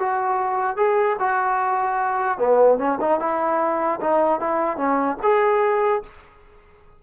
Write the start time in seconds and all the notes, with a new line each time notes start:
0.00 F#4
0.77 G#4
1.20 F#4
2.39 B3
2.79 C#4
3.01 D#4
3.20 E4
4.01 D#4
4.41 E4
4.77 C#4
5.23 G#4